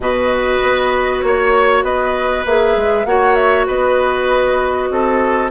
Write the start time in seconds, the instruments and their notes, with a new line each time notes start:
0.00 bassoon B2, clarinet F#4, oboe B4, flute D#5
0.62 bassoon B3
1.20 bassoon A#3, flute C#5
1.26 oboe C#5
1.82 bassoon B3, oboe B4, flute D#5
2.45 bassoon A#3, clarinet G#4, flute E5
2.76 bassoon G#3
3.05 bassoon A#3, clarinet F#4, oboe C#5, flute F#5
3.34 flute E5
3.66 bassoon B3, oboe B4, flute D#5
4.89 bassoon C4, oboe A4